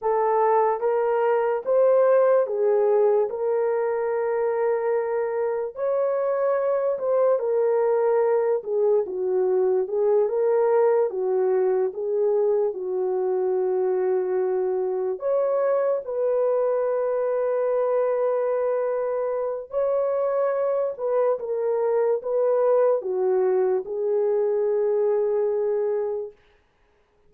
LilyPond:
\new Staff \with { instrumentName = "horn" } { \time 4/4 \tempo 4 = 73 a'4 ais'4 c''4 gis'4 | ais'2. cis''4~ | cis''8 c''8 ais'4. gis'8 fis'4 | gis'8 ais'4 fis'4 gis'4 fis'8~ |
fis'2~ fis'8 cis''4 b'8~ | b'1 | cis''4. b'8 ais'4 b'4 | fis'4 gis'2. | }